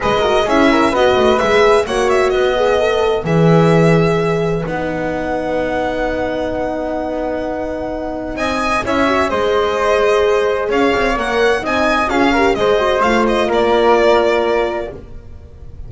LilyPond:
<<
  \new Staff \with { instrumentName = "violin" } { \time 4/4 \tempo 4 = 129 dis''4 e''4 dis''4 e''4 | fis''8 e''8 dis''2 e''4~ | e''2 fis''2~ | fis''1~ |
fis''2 gis''4 e''4 | dis''2. f''4 | fis''4 gis''4 f''4 dis''4 | f''8 dis''8 d''2. | }
  \new Staff \with { instrumentName = "flute" } { \time 4/4 b'8 ais'8 gis'8 ais'8 b'2 | cis''4 b'2.~ | b'1~ | b'1~ |
b'2 dis''4 cis''4 | c''2. cis''4~ | cis''4 dis''4 gis'8 ais'8 c''4~ | c''4 ais'2. | }
  \new Staff \with { instrumentName = "horn" } { \time 4/4 gis'8 fis'8 e'4 fis'4 gis'4 | fis'4. gis'8 a'4 gis'4~ | gis'2 dis'2~ | dis'1~ |
dis'2. e'8 fis'8 | gis'1 | ais'4 dis'4 f'8 g'8 gis'8 fis'8 | f'1 | }
  \new Staff \with { instrumentName = "double bass" } { \time 4/4 gis4 cis'4 b8 a8 gis4 | ais4 b2 e4~ | e2 b2~ | b1~ |
b2 c'4 cis'4 | gis2. cis'8 c'8 | ais4 c'4 cis'4 gis4 | a4 ais2. | }
>>